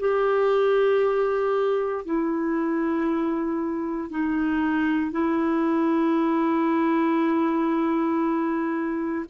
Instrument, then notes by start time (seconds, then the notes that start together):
clarinet
0.00 G4
2.05 E4
4.11 D#4
5.12 E4